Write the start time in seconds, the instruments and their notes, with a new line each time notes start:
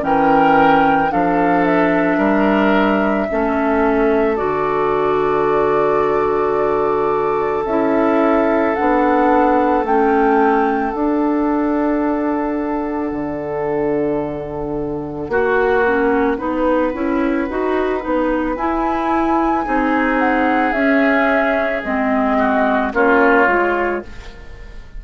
0.00 bassoon E3, clarinet C#4, flute G5
0.06 oboe A#4
1.10 bassoon F3, clarinet D4, oboe A4, flute F5
1.65 flute E5
2.18 bassoon G3, oboe A#4
3.30 bassoon A3, clarinet C#4, oboe A4
4.37 bassoon D3, clarinet F#4, flute D5
7.65 bassoon C#4, clarinet E4, flute E5
8.75 bassoon B3, clarinet D4, flute F#5
9.84 bassoon A3, clarinet C#4, flute G5
10.93 clarinet D4, bassoon D4, flute F#5
13.12 bassoon D3
15.29 bassoon A#3, clarinet F#4, oboe F#4
15.86 clarinet C#4
16.38 bassoon B3, clarinet D#4, oboe B4
16.94 bassoon C#4, clarinet E4
17.50 bassoon D#4, clarinet F#4
18.00 bassoon B3, clarinet D#4
18.57 bassoon E4, clarinet E4, flute G#5
19.65 bassoon C4, clarinet D#4, oboe G#4
20.20 flute F#5
20.73 bassoon C#4, clarinet C#4, flute E5
21.84 bassoon G#3, clarinet C4, flute D#5
22.39 oboe F#4
22.93 bassoon A#3, clarinet C#4, oboe F4, flute C#5
23.47 bassoon G#3, clarinet F4